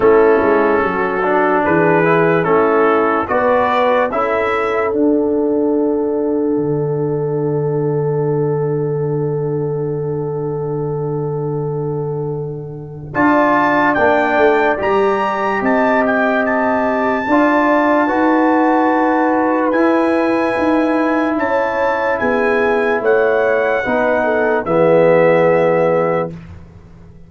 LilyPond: <<
  \new Staff \with { instrumentName = "trumpet" } { \time 4/4 \tempo 4 = 73 a'2 b'4 a'4 | d''4 e''4 fis''2~ | fis''1~ | fis''1 |
a''4 g''4 ais''4 a''8 g''8 | a''1 | gis''2 a''4 gis''4 | fis''2 e''2 | }
  \new Staff \with { instrumentName = "horn" } { \time 4/4 e'4 fis'4 gis'4 e'4 | b'4 a'2.~ | a'1~ | a'1 |
d''2. dis''4~ | dis''4 d''4 b'2~ | b'2 cis''4 gis'4 | cis''4 b'8 a'8 gis'2 | }
  \new Staff \with { instrumentName = "trombone" } { \time 4/4 cis'4. d'4 e'8 cis'4 | fis'4 e'4 d'2~ | d'1~ | d'1 |
f'4 d'4 g'2~ | g'4 f'4 fis'2 | e'1~ | e'4 dis'4 b2 | }
  \new Staff \with { instrumentName = "tuba" } { \time 4/4 a8 gis8 fis4 e4 a4 | b4 cis'4 d'2 | d1~ | d1 |
d'4 ais8 a8 g4 c'4~ | c'4 d'4 dis'2 | e'4 dis'4 cis'4 b4 | a4 b4 e2 | }
>>